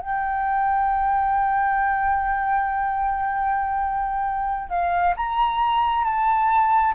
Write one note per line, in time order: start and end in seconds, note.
0.00 4.69 G5
4.69 5.14 F5
5.16 6.04 A#5
6.04 6.94 A5